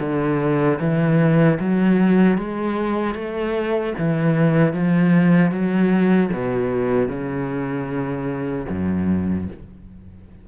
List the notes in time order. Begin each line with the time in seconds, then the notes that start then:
0.00 D3
0.80 E3
1.60 F#3
2.38 G#3
3.15 A3
3.98 E3
4.74 F3
5.52 F#3
6.33 B2
7.08 C#3
8.69 F#2